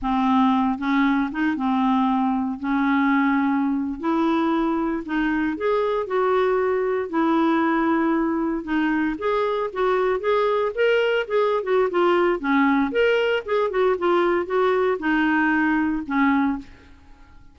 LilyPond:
\new Staff \with { instrumentName = "clarinet" } { \time 4/4 \tempo 4 = 116 c'4. cis'4 dis'8 c'4~ | c'4 cis'2~ cis'8. e'16~ | e'4.~ e'16 dis'4 gis'4 fis'16~ | fis'4.~ fis'16 e'2~ e'16~ |
e'8. dis'4 gis'4 fis'4 gis'16~ | gis'8. ais'4 gis'8. fis'8 f'4 | cis'4 ais'4 gis'8 fis'8 f'4 | fis'4 dis'2 cis'4 | }